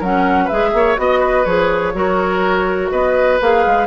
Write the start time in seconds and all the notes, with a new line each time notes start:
0.00 F#3 C#4 A#4 F#5
0.45 B4 E5
0.51 G#3 G#4
0.74 A#3 C#5
0.97 B3 F#4 D#5
1.20 B4
1.45 F3 G#4 C#5
1.95 F#3 F#4 A#4
2.91 B3 B4 D#5
3.42 A#3 G#4 F5
3.67 G#3